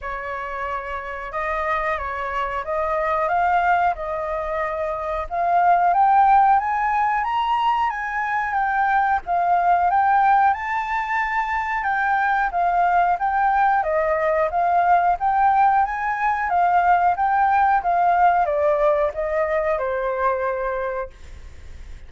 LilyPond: \new Staff \with { instrumentName = "flute" } { \time 4/4 \tempo 4 = 91 cis''2 dis''4 cis''4 | dis''4 f''4 dis''2 | f''4 g''4 gis''4 ais''4 | gis''4 g''4 f''4 g''4 |
a''2 g''4 f''4 | g''4 dis''4 f''4 g''4 | gis''4 f''4 g''4 f''4 | d''4 dis''4 c''2 | }